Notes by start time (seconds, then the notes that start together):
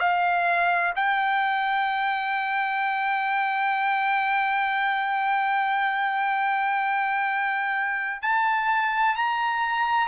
0.00 F5
0.96 G5
8.22 A5
9.16 A#5